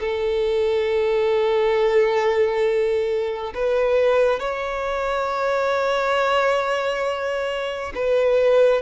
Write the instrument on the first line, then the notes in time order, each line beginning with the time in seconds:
violin
0.00 A4
3.55 B4
4.40 C#5
7.95 B4